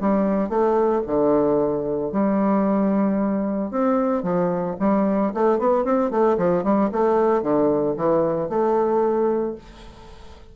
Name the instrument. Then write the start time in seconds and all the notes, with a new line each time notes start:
bassoon
0.00 G3
0.49 A3
1.06 D3
2.12 G3
3.70 C4
4.23 F3
4.79 G3
5.34 A3
5.58 B3
5.84 C4
6.11 A3
6.37 F3
6.63 G3
6.92 A3
7.42 D3
7.97 E3
8.49 A3